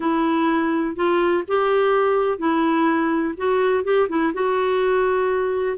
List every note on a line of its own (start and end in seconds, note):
0.00 0.95 E4
0.95 1.43 F4
1.47 2.38 G4
2.38 3.34 E4
3.37 3.84 F#4
3.84 4.08 G4
4.08 4.32 E4
4.33 5.77 F#4